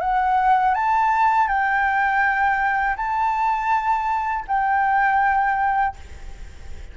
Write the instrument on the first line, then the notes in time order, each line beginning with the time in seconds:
flute
0.00 F#5
0.74 A5
1.48 G5
2.96 A5
4.47 G5